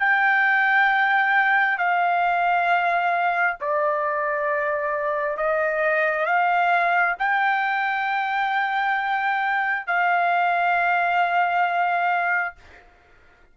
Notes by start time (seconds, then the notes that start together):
0.00 G5
1.78 F5
3.61 D5
5.37 D#5
6.26 F5
7.19 G5
9.87 F5